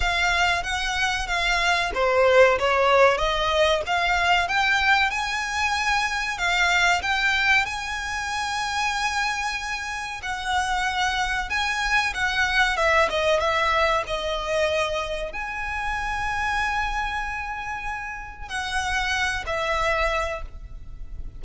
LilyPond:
\new Staff \with { instrumentName = "violin" } { \time 4/4 \tempo 4 = 94 f''4 fis''4 f''4 c''4 | cis''4 dis''4 f''4 g''4 | gis''2 f''4 g''4 | gis''1 |
fis''2 gis''4 fis''4 | e''8 dis''8 e''4 dis''2 | gis''1~ | gis''4 fis''4. e''4. | }